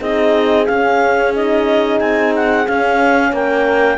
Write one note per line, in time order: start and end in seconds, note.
0.00 0.68 C4
0.00 0.67 D#4
0.00 3.33 G#4
0.00 0.66 D#5
0.66 1.34 C#4
0.66 2.01 C#4
0.66 1.33 F5
1.34 2.67 D#4
1.34 2.00 D#5
2.00 2.67 C4
2.00 2.33 G#5
2.36 2.68 F#5
2.68 3.98 C#4
2.68 3.32 C#4
2.68 3.34 F5
3.32 3.98 A#3
3.32 3.98 A#4
3.32 3.98 G5